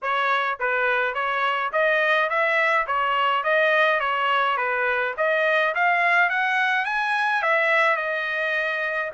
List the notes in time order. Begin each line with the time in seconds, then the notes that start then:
0.02 C#5
0.59 B4
1.14 C#5
1.72 D#5
2.29 E5
2.86 C#5
3.43 D#5
3.99 C#5
4.57 B4
5.17 D#5
5.74 F5
6.29 F#5
6.85 G#5
7.42 E5
7.96 D#5